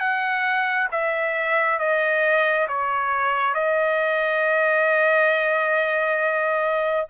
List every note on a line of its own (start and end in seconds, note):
0.00 0.88 F#5
0.92 1.80 E5
1.80 2.68 D#5
2.69 3.55 C#5
3.55 7.07 D#5